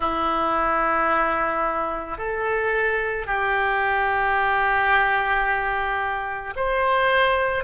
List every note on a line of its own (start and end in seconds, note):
0.00 2.18 E4
2.18 3.26 A4
3.26 6.54 G4
6.56 7.64 C5